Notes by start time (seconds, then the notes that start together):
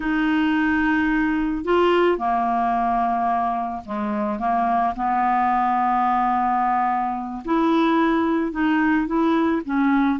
0.00 D#4
1.64 F4
2.17 A#3
3.85 G#3
4.39 A#3
4.95 B3
7.44 E4
8.51 D#4
9.06 E4
9.65 C#4